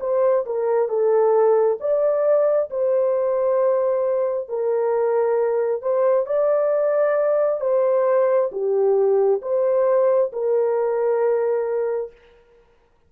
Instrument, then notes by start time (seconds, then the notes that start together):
horn
0.00 C5
0.46 A#4
0.89 A4
1.80 D5
2.70 C5
4.48 A#4
5.82 C5
6.26 D5
7.61 C5
8.52 G4
9.42 C5
10.33 A#4